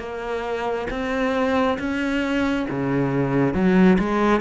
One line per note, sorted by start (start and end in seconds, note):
0.00 0.88 A#3
0.91 1.79 C4
1.79 2.67 C#4
2.70 3.54 C#3
3.54 3.98 F#3
3.99 4.41 G#3